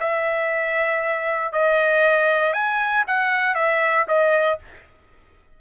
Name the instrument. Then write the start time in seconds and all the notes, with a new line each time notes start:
trumpet
0.00 E5
1.52 D#5
2.53 G#5
3.07 F#5
3.55 E5
4.08 D#5